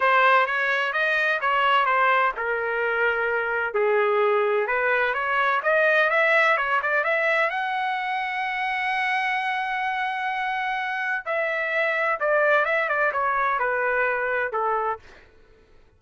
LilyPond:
\new Staff \with { instrumentName = "trumpet" } { \time 4/4 \tempo 4 = 128 c''4 cis''4 dis''4 cis''4 | c''4 ais'2. | gis'2 b'4 cis''4 | dis''4 e''4 cis''8 d''8 e''4 |
fis''1~ | fis''1 | e''2 d''4 e''8 d''8 | cis''4 b'2 a'4 | }